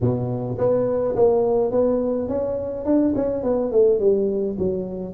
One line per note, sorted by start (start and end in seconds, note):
0.00 0.57 B2
0.58 1.15 B3
1.15 1.71 A#3
1.71 2.28 B3
2.28 2.85 C#4
2.85 3.14 D4
3.15 3.43 C#4
3.43 3.71 B3
3.71 3.99 A3
3.99 4.56 G3
4.58 5.13 F#3